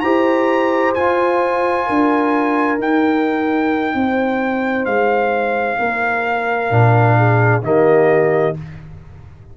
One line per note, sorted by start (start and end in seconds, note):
0.00 0.94 E4
0.00 0.96 G4
0.00 1.86 C5
0.00 0.92 A#5
0.94 1.88 F4
0.94 2.77 F4
0.94 2.79 G#5
1.86 2.78 D4
1.86 3.94 A#4
2.77 6.69 D#4
2.77 3.93 D#4
2.77 4.85 G5
3.94 4.86 C4
3.94 5.79 C5
4.85 5.78 G#3
4.85 7.62 F5
5.79 6.70 A#3
5.79 7.17 A#4
6.69 7.62 A#2
6.69 7.62 D4
7.17 7.63 G#4
7.62 8.54 D#3
7.62 8.54 A#3
7.62 8.57 G4
7.62 8.56 D#5